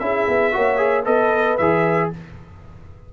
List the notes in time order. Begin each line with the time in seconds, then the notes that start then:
0.00 C#4 E4 G#4 E5
0.28 B3
0.53 A#3 F#4 C#5
0.78 G#4
1.05 B3 A4 B4 D#5
1.58 E3 G#4 E5